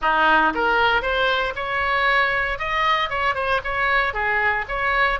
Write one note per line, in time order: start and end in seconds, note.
0.01 0.53 D#4
0.54 1.01 A#4
1.01 1.53 C5
1.55 2.58 C#5
2.58 3.09 D#5
3.09 3.35 C#5
3.35 3.60 C5
3.64 4.13 C#5
4.13 4.65 G#4
4.68 5.19 C#5